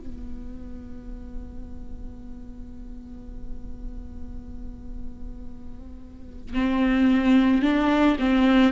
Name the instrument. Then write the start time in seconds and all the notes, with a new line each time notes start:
viola
0.00 B3
6.55 C4
7.63 D4
8.20 C4